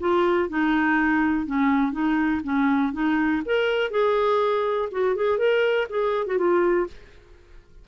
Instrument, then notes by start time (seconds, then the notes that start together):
clarinet
0.00 F4
0.49 D#4
1.46 C#4
1.92 D#4
2.44 C#4
2.93 D#4
3.45 A#4
3.91 G#4
4.92 F#4
5.16 G#4
5.38 A#4
5.89 G#4
6.27 F#4
6.38 F4